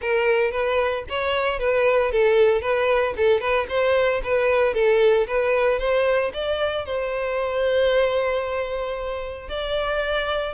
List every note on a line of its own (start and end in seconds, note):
0.01 0.51 A#4
0.51 1.04 B4
1.09 1.59 C#5
1.59 2.11 B4
2.11 2.61 A4
2.61 3.14 B4
3.16 3.40 A4
3.40 3.66 B4
3.68 4.21 C5
4.23 4.74 B4
4.74 5.26 A4
5.27 5.79 B4
5.79 6.31 C5
6.33 6.85 D5
6.85 9.48 C5
9.48 10.53 D5